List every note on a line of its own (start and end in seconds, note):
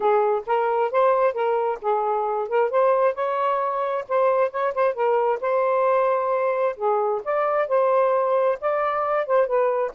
0.00 0.42 G#4
0.46 0.91 A#4
0.91 1.33 C5
1.33 1.78 A#4
1.81 2.48 G#4
2.48 2.70 A#4
2.70 3.14 C5
3.14 4.04 C#5
4.08 4.51 C5
4.51 4.73 C#5
4.74 4.94 C5
4.94 5.39 A#4
5.40 6.75 C5
6.76 7.21 G#4
7.24 7.68 D5
7.68 8.58 C5
8.60 9.26 D5
9.26 9.46 C5
9.46 9.91 B4